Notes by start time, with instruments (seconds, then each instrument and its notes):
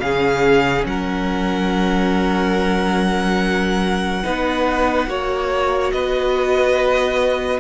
0.00 cello C#3, viola C#4, violin G#4 F5
0.86 cello F#3, violin A#4 F#5
4.24 cello B3, viola D#4, violin B4
5.07 cello A#3, viola F#4, violin C#5
5.92 cello B3, violin B4 D#5